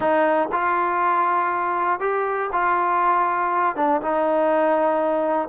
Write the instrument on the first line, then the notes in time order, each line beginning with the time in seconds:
trombone
0.00 D#4
0.52 F4
2.00 G4
2.52 F4
3.76 D4
4.01 D#4